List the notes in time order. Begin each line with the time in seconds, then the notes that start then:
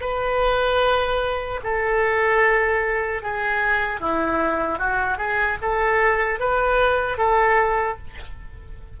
0.00 B4
1.63 A4
3.22 G#4
4.00 E4
4.79 F#4
5.17 G#4
5.61 A4
6.39 B4
7.17 A4